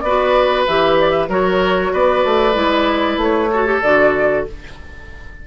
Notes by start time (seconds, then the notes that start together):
0.00 B3 F#4 B4 D5
0.67 E3 G4 E5
0.99 D5
1.11 E5
1.29 F#3 F#4 A#4 C#5
1.93 B3 B4 D5
2.24 A3
2.54 G#3 E4
3.17 A3 C#5
3.52 F#4 A4
3.66 G4
3.82 D3 F#4 D5